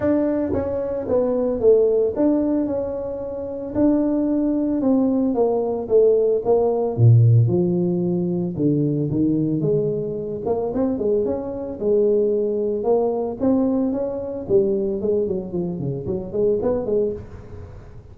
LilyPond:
\new Staff \with { instrumentName = "tuba" } { \time 4/4 \tempo 4 = 112 d'4 cis'4 b4 a4 | d'4 cis'2 d'4~ | d'4 c'4 ais4 a4 | ais4 ais,4 f2 |
d4 dis4 gis4. ais8 | c'8 gis8 cis'4 gis2 | ais4 c'4 cis'4 g4 | gis8 fis8 f8 cis8 fis8 gis8 b8 gis8 | }